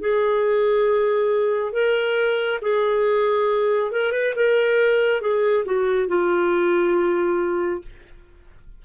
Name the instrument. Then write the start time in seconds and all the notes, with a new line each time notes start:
clarinet
0.00 G#4
1.72 A#4
2.61 G#4
3.92 A#4
4.12 B4
4.36 A#4
5.21 G#4
5.65 F#4
6.08 F4